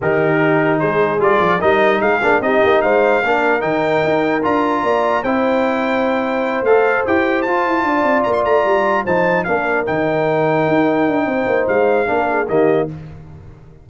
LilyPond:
<<
  \new Staff \with { instrumentName = "trumpet" } { \time 4/4 \tempo 4 = 149 ais'2 c''4 d''4 | dis''4 f''4 dis''4 f''4~ | f''4 g''2 ais''4~ | ais''4 g''2.~ |
g''8 f''4 g''4 a''4.~ | a''8 ais''16 c'''16 ais''4. a''4 f''8~ | f''8 g''2.~ g''8~ | g''4 f''2 dis''4 | }
  \new Staff \with { instrumentName = "horn" } { \time 4/4 g'2 gis'2 | ais'4 gis'4 g'4 c''4 | ais'1 | d''4 c''2.~ |
c''2.~ c''8 d''8~ | d''2~ d''8 c''4 ais'8~ | ais'1 | c''2 ais'8 gis'8 g'4 | }
  \new Staff \with { instrumentName = "trombone" } { \time 4/4 dis'2. f'4 | dis'4. d'8 dis'2 | d'4 dis'2 f'4~ | f'4 e'2.~ |
e'8 a'4 g'4 f'4.~ | f'2~ f'8 dis'4 d'8~ | d'8 dis'2.~ dis'8~ | dis'2 d'4 ais4 | }
  \new Staff \with { instrumentName = "tuba" } { \time 4/4 dis2 gis4 g8 f8 | g4 gis8 ais8 c'8 ais8 gis4 | ais4 dis4 dis'4 d'4 | ais4 c'2.~ |
c'8 a4 e'4 f'8 e'8 d'8 | c'8 ais8 a8 g4 f4 ais8~ | ais8 dis2 dis'4 d'8 | c'8 ais8 gis4 ais4 dis4 | }
>>